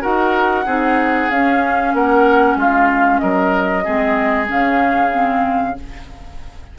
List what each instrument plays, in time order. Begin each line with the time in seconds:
0.00 bassoon D#4, clarinet F#4, oboe A#4, flute F#5
0.65 bassoon C4, clarinet D#4, oboe G#4
1.30 bassoon C#4, clarinet C#4, flute F5
1.93 bassoon A#3, oboe A#4, flute F#5
2.55 bassoon G#3, oboe F4, flute F5
3.18 bassoon F#3, oboe A#4, flute D#5
3.84 bassoon G#3, clarinet C4, oboe G#4
4.46 bassoon C#3, clarinet C#4, flute F5
5.11 clarinet C4